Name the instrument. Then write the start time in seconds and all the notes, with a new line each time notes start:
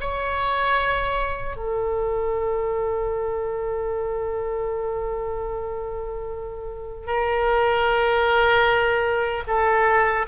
oboe
0.00 C#5
1.56 A4
7.06 A#4
9.47 A4